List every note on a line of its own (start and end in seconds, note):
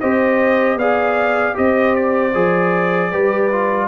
0.00 0.75 C4
0.00 0.80 G4
0.00 0.78 C5
0.00 0.78 D#5
0.75 1.53 B3
0.75 1.54 G#4
0.75 1.56 D5
0.75 1.56 F5
1.54 2.34 C4
1.54 2.32 G4
1.54 3.11 C5
1.54 1.95 D#5
1.95 3.87 D5
2.34 3.12 F3
2.34 3.12 G#4
3.11 3.87 G3
3.11 3.50 G4
3.11 3.87 B4
3.52 3.87 F4